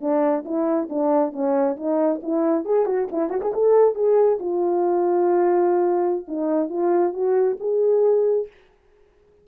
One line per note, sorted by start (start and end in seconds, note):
0.00 0.44 D4
0.44 0.88 E4
0.89 1.32 D4
1.32 1.76 C#4
1.76 2.20 D#4
2.22 2.65 E4
2.65 2.85 G#4
2.85 3.07 F#4
3.11 3.29 E4
3.29 3.40 F#4
3.41 3.52 G#4
3.53 3.95 A4
3.95 4.38 G#4
4.39 6.25 F4
6.27 6.69 D#4
6.69 7.13 F4
7.13 7.57 F#4
7.59 8.47 G#4